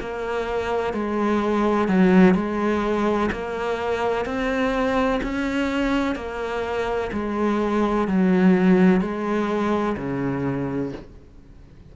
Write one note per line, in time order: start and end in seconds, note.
0.00 0.93 A#3
0.93 1.88 G#3
1.88 2.34 F#3
2.34 3.29 G#3
3.32 4.25 A#3
4.25 5.20 C4
5.23 6.15 C#4
6.15 7.10 A#3
7.12 8.07 G#3
8.07 9.01 F#3
9.01 9.96 G#3
9.97 10.92 C#3